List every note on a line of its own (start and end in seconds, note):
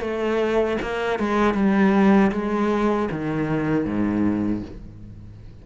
0.00 0.77 A3
0.81 1.19 A#3
1.19 1.54 G#3
1.54 2.31 G3
2.31 3.08 G#3
3.11 3.85 D#3
3.85 4.62 G#2